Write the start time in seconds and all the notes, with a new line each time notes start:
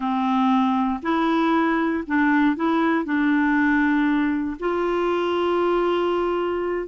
0.00 C4
1.02 E4
2.07 D4
2.56 E4
3.04 D4
4.59 F4